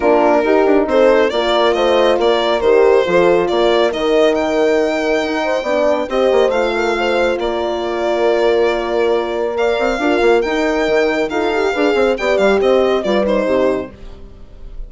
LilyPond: <<
  \new Staff \with { instrumentName = "violin" } { \time 4/4 \tempo 4 = 138 ais'2 c''4 d''4 | dis''4 d''4 c''2 | d''4 dis''4 g''2~ | g''2 dis''4 f''4~ |
f''4 d''2.~ | d''2 f''2 | g''2 f''2 | g''8 f''8 dis''4 d''8 c''4. | }
  \new Staff \with { instrumentName = "horn" } { \time 4/4 f'4 g'4 a'4 ais'4 | c''4 ais'2 a'4 | ais'1~ | ais'8 c''8 d''4 c''4. ais'8 |
c''4 ais'2.~ | ais'2 d''4 ais'4~ | ais'2 a'4 b'8 c''8 | d''4 c''4 b'4 g'4 | }
  \new Staff \with { instrumentName = "horn" } { \time 4/4 d'4 dis'2 f'4~ | f'2 g'4 f'4~ | f'4 dis'2.~ | dis'4 d'4 g'4 f'4~ |
f'1~ | f'2 ais'4 f'4 | dis'2 f'8 g'8 gis'4 | g'2 f'8 dis'4. | }
  \new Staff \with { instrumentName = "bassoon" } { \time 4/4 ais4 dis'8 d'8 c'4 ais4 | a4 ais4 dis4 f4 | ais4 dis2. | dis'4 b4 c'8 ais8 a4~ |
a4 ais2.~ | ais2~ ais8 c'8 d'8 ais8 | dis'4 dis4 dis'4 d'8 c'8 | b8 g8 c'4 g4 c4 | }
>>